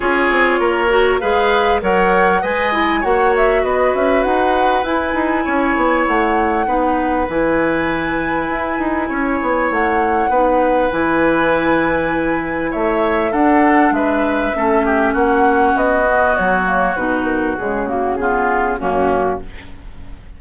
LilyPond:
<<
  \new Staff \with { instrumentName = "flute" } { \time 4/4 \tempo 4 = 99 cis''2 f''4 fis''4 | gis''4 fis''8 e''8 dis''8 e''8 fis''4 | gis''2 fis''2 | gis''1 |
fis''2 gis''2~ | gis''4 e''4 fis''4 e''4~ | e''4 fis''4 dis''4 cis''4 | b'8 ais'8 gis'8 fis'8 gis'4 fis'4 | }
  \new Staff \with { instrumentName = "oboe" } { \time 4/4 gis'4 ais'4 b'4 cis''4 | dis''4 cis''4 b'2~ | b'4 cis''2 b'4~ | b'2. cis''4~ |
cis''4 b'2.~ | b'4 cis''4 a'4 b'4 | a'8 g'8 fis'2.~ | fis'2 f'4 cis'4 | }
  \new Staff \with { instrumentName = "clarinet" } { \time 4/4 f'4. fis'8 gis'4 ais'4 | b'8 e'8 fis'2. | e'2. dis'4 | e'1~ |
e'4 dis'4 e'2~ | e'2 d'2 | cis'2~ cis'8 b4 ais8 | dis'4 gis8 ais8 b4 ais4 | }
  \new Staff \with { instrumentName = "bassoon" } { \time 4/4 cis'8 c'8 ais4 gis4 fis4 | gis4 ais4 b8 cis'8 dis'4 | e'8 dis'8 cis'8 b8 a4 b4 | e2 e'8 dis'8 cis'8 b8 |
a4 b4 e2~ | e4 a4 d'4 gis4 | a4 ais4 b4 fis4 | b,4 cis2 fis,4 | }
>>